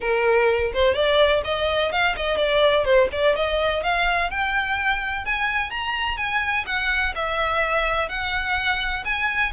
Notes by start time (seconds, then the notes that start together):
0.00 A#4
0.73 C5
0.94 D5
1.44 D#5
1.92 F5
2.16 D#5
2.37 D5
2.84 C5
3.11 D5
3.35 D#5
3.83 F5
4.30 G5
5.25 G#5
5.70 A#5
6.17 G#5
6.66 F#5
7.15 E5
8.08 F#5
9.04 G#5